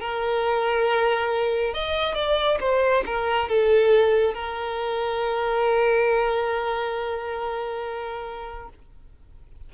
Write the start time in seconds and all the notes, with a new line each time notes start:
0.00 A#4
1.74 D#5
2.15 D5
2.60 C5
3.06 A#4
3.48 A4
4.34 A#4